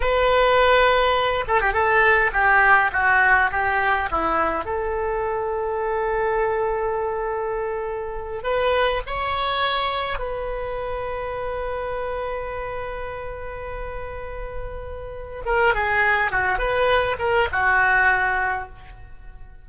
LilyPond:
\new Staff \with { instrumentName = "oboe" } { \time 4/4 \tempo 4 = 103 b'2~ b'8 a'16 g'16 a'4 | g'4 fis'4 g'4 e'4 | a'1~ | a'2~ a'8 b'4 cis''8~ |
cis''4. b'2~ b'8~ | b'1~ | b'2~ b'8 ais'8 gis'4 | fis'8 b'4 ais'8 fis'2 | }